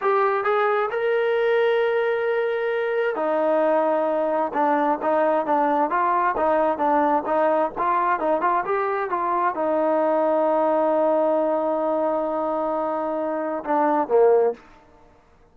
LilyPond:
\new Staff \with { instrumentName = "trombone" } { \time 4/4 \tempo 4 = 132 g'4 gis'4 ais'2~ | ais'2. dis'4~ | dis'2 d'4 dis'4 | d'4 f'4 dis'4 d'4 |
dis'4 f'4 dis'8 f'8 g'4 | f'4 dis'2.~ | dis'1~ | dis'2 d'4 ais4 | }